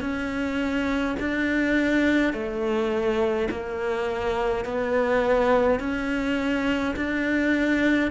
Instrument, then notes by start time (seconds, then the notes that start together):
cello
0.00 C#4
1.19 D4
2.33 A3
3.50 A#3
4.64 B3
5.80 C#4
6.96 D4